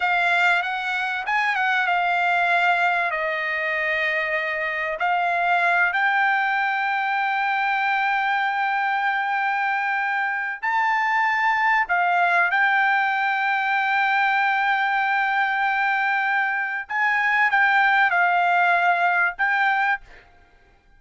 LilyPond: \new Staff \with { instrumentName = "trumpet" } { \time 4/4 \tempo 4 = 96 f''4 fis''4 gis''8 fis''8 f''4~ | f''4 dis''2. | f''4. g''2~ g''8~ | g''1~ |
g''4 a''2 f''4 | g''1~ | g''2. gis''4 | g''4 f''2 g''4 | }